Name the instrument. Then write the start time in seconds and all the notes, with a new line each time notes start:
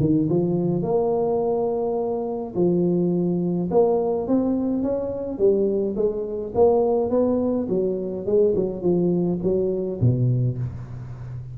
tuba
0.00 D#3
0.30 F3
0.83 A#3
2.55 F3
3.71 A#3
4.28 C4
4.83 C#4
5.38 G3
5.96 G#3
6.55 A#3
7.10 B3
7.69 F#3
8.26 G#3
8.56 F#3
8.82 F3
9.43 F#3
10.01 B2